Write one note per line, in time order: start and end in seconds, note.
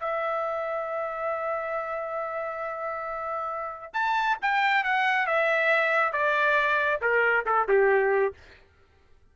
0.00 3.94 E5
3.94 4.38 A5
4.42 4.84 G5
4.84 5.27 F#5
5.27 6.13 E5
6.13 7.00 D5
7.02 7.45 A#4
7.46 7.68 A4
7.68 8.34 G4